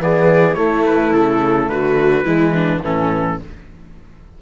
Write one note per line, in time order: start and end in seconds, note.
0.00 0.56 E3
0.00 0.55 B3
0.00 0.57 G#4
0.00 0.54 D5
0.54 2.23 A3
0.54 1.12 A3
0.54 1.70 E4
0.54 0.82 C#5
0.86 1.12 B4
1.12 1.68 C#3
1.12 1.69 A4
1.68 2.25 D3
1.68 2.25 F#4
1.68 2.82 B4
2.23 2.83 E3
2.23 2.80 G#3
2.23 2.53 E4
2.54 2.83 D4
2.81 3.40 A2
2.81 3.37 E3
2.81 3.40 C#4
2.81 3.41 A4